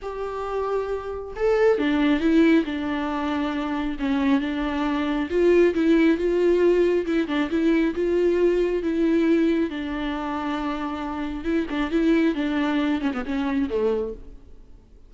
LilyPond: \new Staff \with { instrumentName = "viola" } { \time 4/4 \tempo 4 = 136 g'2. a'4 | d'4 e'4 d'2~ | d'4 cis'4 d'2 | f'4 e'4 f'2 |
e'8 d'8 e'4 f'2 | e'2 d'2~ | d'2 e'8 d'8 e'4 | d'4. cis'16 b16 cis'4 a4 | }